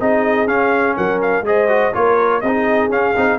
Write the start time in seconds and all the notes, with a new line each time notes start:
0.00 C4 D#4 G#4 D#5
0.47 C#4 F5
0.96 F#3 A#4 F#5
1.21 F5
1.41 G#3 G#4 C5 D#5
1.68 F#4
1.93 A#3 F4 A#4 C#5
2.41 C4 D#4 G#4 D#5
2.89 C#4 F5
3.16 C4 D#4